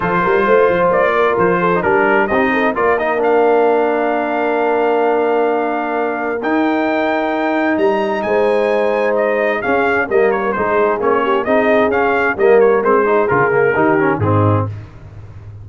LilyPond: <<
  \new Staff \with { instrumentName = "trumpet" } { \time 4/4 \tempo 4 = 131 c''2 d''4 c''4 | ais'4 dis''4 d''8 dis''8 f''4~ | f''1~ | f''2 g''2~ |
g''4 ais''4 gis''2 | dis''4 f''4 dis''8 cis''8 c''4 | cis''4 dis''4 f''4 dis''8 cis''8 | c''4 ais'2 gis'4 | }
  \new Staff \with { instrumentName = "horn" } { \time 4/4 a'8 ais'8 c''4. ais'4 a'8 | ais'4 g'8 a'8 ais'2~ | ais'1~ | ais'1~ |
ais'2 c''2~ | c''4 gis'4 ais'4 gis'4~ | gis'8 g'8 gis'2 ais'4~ | ais'8 gis'4. g'4 dis'4 | }
  \new Staff \with { instrumentName = "trombone" } { \time 4/4 f'2.~ f'8. dis'16 | d'4 dis'4 f'8 dis'8 d'4~ | d'1~ | d'2 dis'2~ |
dis'1~ | dis'4 cis'4 ais4 dis'4 | cis'4 dis'4 cis'4 ais4 | c'8 dis'8 f'8 ais8 dis'8 cis'8 c'4 | }
  \new Staff \with { instrumentName = "tuba" } { \time 4/4 f8 g8 a8 f8 ais4 f4 | g4 c'4 ais2~ | ais1~ | ais2 dis'2~ |
dis'4 g4 gis2~ | gis4 cis'4 g4 gis4 | ais4 c'4 cis'4 g4 | gis4 cis4 dis4 gis,4 | }
>>